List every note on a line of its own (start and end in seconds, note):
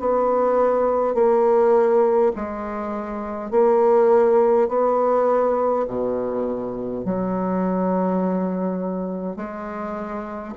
0.00 1.15 B3
1.15 2.33 A#3
2.36 3.51 G#3
3.51 4.69 A#3
4.69 5.87 B3
5.88 7.05 B2
7.05 9.37 F#3
9.37 10.55 G#3